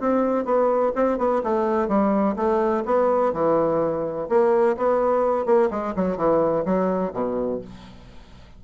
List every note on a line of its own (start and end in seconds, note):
0.00 0.45 C4
0.45 0.92 B3
0.95 1.18 C4
1.18 1.42 B3
1.43 1.88 A3
1.88 2.36 G3
2.36 2.84 A3
2.85 3.33 B3
3.33 4.28 E3
4.29 4.76 A#3
4.77 5.45 B3
5.45 5.69 A#3
5.70 5.94 G#3
5.96 6.17 F#3
6.17 6.65 E3
6.65 7.13 F#3
7.13 7.61 B2